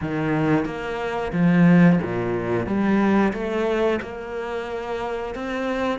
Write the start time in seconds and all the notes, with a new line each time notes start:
0.01 D#3
0.65 A#3
1.32 F3
2.02 A#2
2.66 G3
3.33 A3
4.02 A#3
5.35 C4